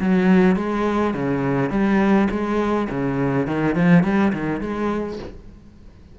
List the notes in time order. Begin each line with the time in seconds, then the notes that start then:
0.00 F#3
0.56 G#3
1.14 C#3
1.70 G3
2.30 G#3
2.89 C#3
3.47 D#3
3.75 F3
4.03 G3
4.33 D#3
4.61 G#3